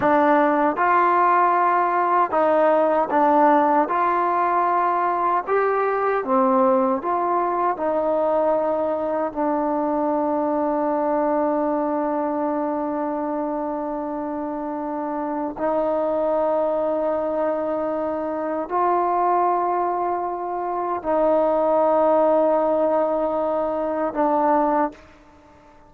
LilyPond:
\new Staff \with { instrumentName = "trombone" } { \time 4/4 \tempo 4 = 77 d'4 f'2 dis'4 | d'4 f'2 g'4 | c'4 f'4 dis'2 | d'1~ |
d'1 | dis'1 | f'2. dis'4~ | dis'2. d'4 | }